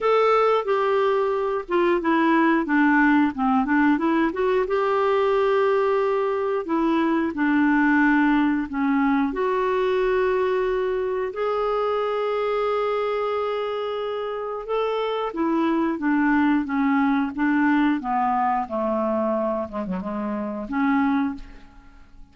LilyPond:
\new Staff \with { instrumentName = "clarinet" } { \time 4/4 \tempo 4 = 90 a'4 g'4. f'8 e'4 | d'4 c'8 d'8 e'8 fis'8 g'4~ | g'2 e'4 d'4~ | d'4 cis'4 fis'2~ |
fis'4 gis'2.~ | gis'2 a'4 e'4 | d'4 cis'4 d'4 b4 | a4. gis16 fis16 gis4 cis'4 | }